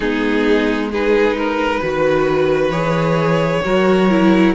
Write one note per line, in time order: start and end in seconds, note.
0.00 1.79 G#3
0.00 0.92 B3
0.00 0.91 D#4
0.00 0.89 G#4
0.91 1.83 D#4
0.91 1.36 G#4
0.91 2.70 B4
1.36 1.80 A#4
1.80 2.69 D#3
1.80 2.71 F#4
1.80 3.61 B4
2.69 3.60 E3
2.69 3.62 G#4
2.69 4.52 C#5
3.64 4.54 F#3
3.64 4.09 F#4
3.64 4.54 A#4
4.09 4.54 E4